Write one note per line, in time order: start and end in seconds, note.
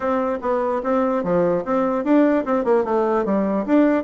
0.00 0.38 C4
0.41 0.82 B3
0.83 1.23 C4
1.23 1.64 F3
1.64 2.04 C4
2.04 2.44 D4
2.45 2.64 C4
2.64 2.84 A#3
2.84 3.25 A3
3.25 3.65 G3
3.66 4.04 D4